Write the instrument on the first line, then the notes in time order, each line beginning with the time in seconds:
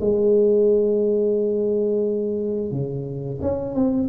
tuba
0.00 G#3
2.71 C#3
3.41 C#4
3.74 C4